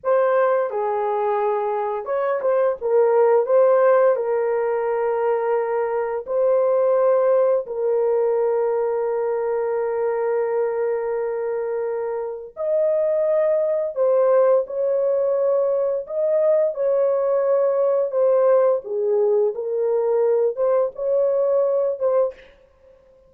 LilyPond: \new Staff \with { instrumentName = "horn" } { \time 4/4 \tempo 4 = 86 c''4 gis'2 cis''8 c''8 | ais'4 c''4 ais'2~ | ais'4 c''2 ais'4~ | ais'1~ |
ais'2 dis''2 | c''4 cis''2 dis''4 | cis''2 c''4 gis'4 | ais'4. c''8 cis''4. c''8 | }